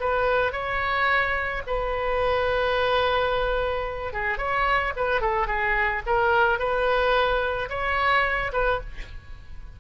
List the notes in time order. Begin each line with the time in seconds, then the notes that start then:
0.00 B4
0.52 C#5
1.66 B4
4.13 G#4
4.38 C#5
4.96 B4
5.21 A4
5.47 G#4
6.06 A#4
6.59 B4
7.69 C#5
8.52 B4